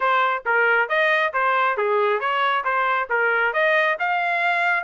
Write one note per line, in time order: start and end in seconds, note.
0.00 0.43 C5
0.45 0.88 A#4
0.88 1.32 D#5
1.33 1.77 C5
1.77 2.20 G#4
2.20 2.64 C#5
2.64 3.08 C5
3.09 3.53 A#4
3.53 3.97 D#5
3.99 4.84 F5